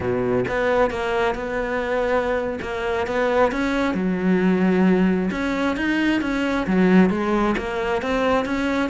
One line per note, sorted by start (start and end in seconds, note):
0.00 0.44 B2
0.48 0.90 B3
0.90 1.35 A#3
1.35 2.59 B3
2.61 3.06 A#3
3.07 3.51 B3
3.51 3.94 C#4
3.94 5.29 F#3
5.31 5.76 C#4
5.76 6.21 D#4
6.21 6.66 C#4
6.66 7.09 F#3
7.09 7.55 G#3
7.57 8.02 A#3
8.02 8.45 C4
8.45 8.89 C#4